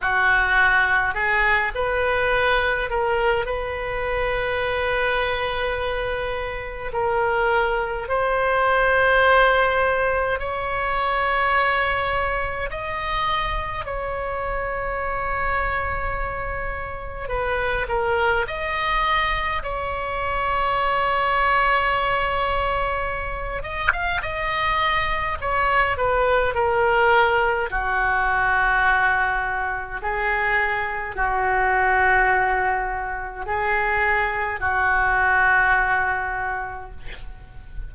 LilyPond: \new Staff \with { instrumentName = "oboe" } { \time 4/4 \tempo 4 = 52 fis'4 gis'8 b'4 ais'8 b'4~ | b'2 ais'4 c''4~ | c''4 cis''2 dis''4 | cis''2. b'8 ais'8 |
dis''4 cis''2.~ | cis''8 dis''16 f''16 dis''4 cis''8 b'8 ais'4 | fis'2 gis'4 fis'4~ | fis'4 gis'4 fis'2 | }